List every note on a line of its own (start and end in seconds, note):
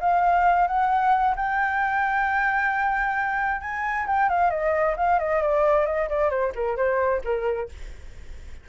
0.00 0.67 F5
0.67 1.35 F#5
1.36 3.61 G5
3.61 4.06 G#5
4.07 4.29 G5
4.29 4.50 F5
4.50 4.95 D#5
4.97 5.19 F5
5.19 5.42 D#5
5.42 5.86 D5
5.86 6.08 D#5
6.09 6.30 D5
6.30 6.52 C5
6.55 6.76 A#4
6.76 7.21 C5
7.24 7.69 A#4